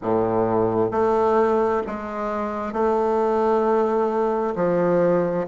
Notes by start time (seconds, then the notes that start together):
0.02 A2
0.91 A3
1.86 G#3
2.72 A3
4.55 F3